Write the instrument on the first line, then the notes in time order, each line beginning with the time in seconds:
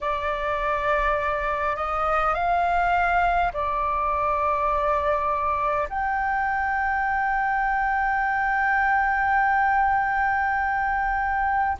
flute
0.00 D5
1.75 D#5
2.34 F5
3.53 D5
5.89 G5